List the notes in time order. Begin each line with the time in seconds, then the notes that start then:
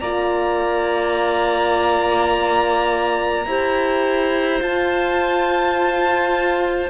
0.00 A#3 F4 D5 A#5
3.45 E4 G4 C5
4.60 F4 A5